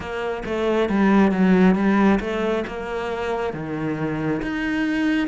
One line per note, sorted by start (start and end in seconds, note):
0.00 0.43 A#3
0.45 0.89 A3
0.89 1.31 G3
1.31 1.75 F#3
1.75 2.19 G3
2.19 2.64 A3
2.67 3.53 A#3
3.53 4.41 D#3
4.42 5.27 D#4